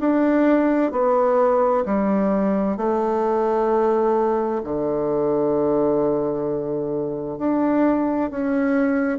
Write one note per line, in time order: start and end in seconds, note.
0.00 0.92 D4
0.92 1.85 B3
1.85 2.77 G3
2.77 4.62 A3
4.64 7.38 D3
7.38 8.31 D4
8.31 9.19 C#4